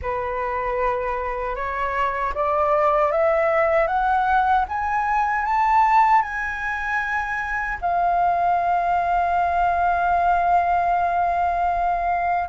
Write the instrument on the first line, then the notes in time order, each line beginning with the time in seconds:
flute
0.02 B4
1.55 C#5
2.34 D5
3.11 E5
3.87 F#5
4.68 G#5
5.45 A5
6.22 G#5
7.81 F5